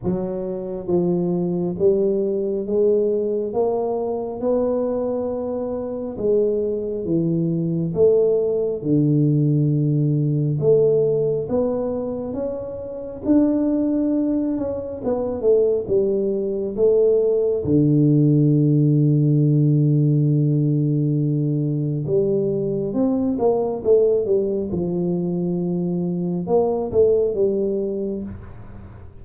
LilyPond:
\new Staff \with { instrumentName = "tuba" } { \time 4/4 \tempo 4 = 68 fis4 f4 g4 gis4 | ais4 b2 gis4 | e4 a4 d2 | a4 b4 cis'4 d'4~ |
d'8 cis'8 b8 a8 g4 a4 | d1~ | d4 g4 c'8 ais8 a8 g8 | f2 ais8 a8 g4 | }